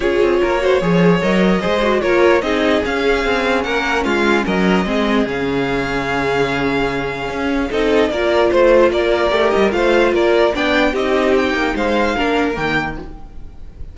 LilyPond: <<
  \new Staff \with { instrumentName = "violin" } { \time 4/4 \tempo 4 = 148 cis''2. dis''4~ | dis''4 cis''4 dis''4 f''4~ | f''4 fis''4 f''4 dis''4~ | dis''4 f''2.~ |
f''2. dis''4 | d''4 c''4 d''4. dis''8 | f''4 d''4 g''4 dis''4 | g''4 f''2 g''4 | }
  \new Staff \with { instrumentName = "violin" } { \time 4/4 gis'4 ais'8 c''8 cis''2 | c''4 ais'4 gis'2~ | gis'4 ais'4 f'4 ais'4 | gis'1~ |
gis'2. a'4 | ais'4 c''4 ais'2 | c''4 ais'4 d''4 g'4~ | g'4 c''4 ais'2 | }
  \new Staff \with { instrumentName = "viola" } { \time 4/4 f'4. fis'8 gis'4 ais'4 | gis'8 fis'8 f'4 dis'4 cis'4~ | cis'1 | c'4 cis'2.~ |
cis'2. dis'4 | f'2. g'4 | f'2 d'4 dis'4~ | dis'2 d'4 ais4 | }
  \new Staff \with { instrumentName = "cello" } { \time 4/4 cis'8 c'8 ais4 f4 fis4 | gis4 ais4 c'4 cis'4 | c'4 ais4 gis4 fis4 | gis4 cis2.~ |
cis2 cis'4 c'4 | ais4 a4 ais4 a8 g8 | a4 ais4 b4 c'4~ | c'8 ais8 gis4 ais4 dis4 | }
>>